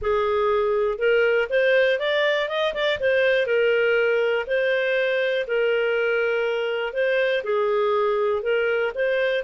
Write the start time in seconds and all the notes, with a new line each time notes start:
0.01 G#4
0.98 A#4
1.49 C5
1.99 D5
2.48 D#5
2.74 D5
3.00 C5
3.46 A#4
4.47 C5
5.47 A#4
6.93 C5
7.43 G#4
8.42 A#4
8.94 C5